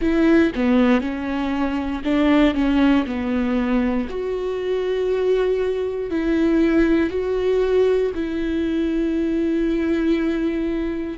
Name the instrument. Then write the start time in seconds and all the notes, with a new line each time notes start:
viola
0.00 E4
0.55 B3
1.00 C#4
2.03 D4
2.54 C#4
3.06 B3
4.09 F#4
6.10 E4
7.10 F#4
8.14 E4